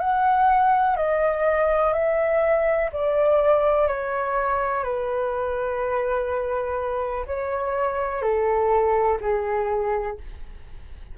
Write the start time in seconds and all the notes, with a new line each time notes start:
0.00 F#5
0.96 D#5
1.93 E5
2.93 D5
3.88 C#5
4.83 B4
7.26 C#5
8.22 A4
9.21 G#4